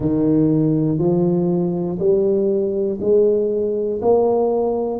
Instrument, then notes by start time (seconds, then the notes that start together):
tuba
0.00 D#3
0.98 F3
1.99 G3
3.00 G#3
4.01 A#3